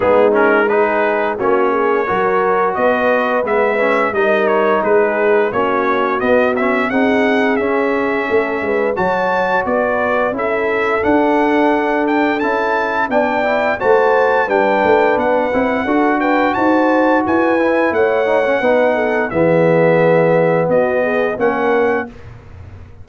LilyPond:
<<
  \new Staff \with { instrumentName = "trumpet" } { \time 4/4 \tempo 4 = 87 gis'8 ais'8 b'4 cis''2 | dis''4 e''4 dis''8 cis''8 b'4 | cis''4 dis''8 e''8 fis''4 e''4~ | e''4 a''4 d''4 e''4 |
fis''4. g''8 a''4 g''4 | a''4 g''4 fis''4. g''8 | a''4 gis''4 fis''2 | e''2 dis''4 fis''4 | }
  \new Staff \with { instrumentName = "horn" } { \time 4/4 dis'4 gis'4 fis'8 gis'8 ais'4 | b'2 ais'4 gis'4 | fis'2 gis'2 | a'8 b'8 cis''4 b'4 a'4~ |
a'2. d''4 | c''4 b'2 a'8 b'8 | c''4 b'4 cis''4 b'8 a'8 | gis'2 fis'8 gis'8 ais'4 | }
  \new Staff \with { instrumentName = "trombone" } { \time 4/4 b8 cis'8 dis'4 cis'4 fis'4~ | fis'4 b8 cis'8 dis'2 | cis'4 b8 cis'8 dis'4 cis'4~ | cis'4 fis'2 e'4 |
d'2 e'4 d'8 e'8 | fis'4 d'4. e'8 fis'4~ | fis'4. e'4 dis'16 cis'16 dis'4 | b2. cis'4 | }
  \new Staff \with { instrumentName = "tuba" } { \time 4/4 gis2 ais4 fis4 | b4 gis4 g4 gis4 | ais4 b4 c'4 cis'4 | a8 gis8 fis4 b4 cis'4 |
d'2 cis'4 b4 | a4 g8 a8 b8 c'8 d'4 | dis'4 e'4 a4 b4 | e2 b4 ais4 | }
>>